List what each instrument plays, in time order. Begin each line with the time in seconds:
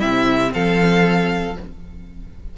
0.00 cello C3, viola C4, violin E4 E5
0.54 cello F3, violin A4 F5